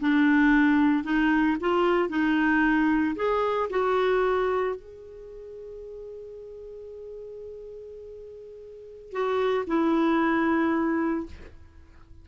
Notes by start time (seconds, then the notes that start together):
0.00 D4
1.04 D#4
1.60 F4
2.09 D#4
3.16 G#4
3.70 F#4
4.76 G#4
9.12 F#4
9.67 E4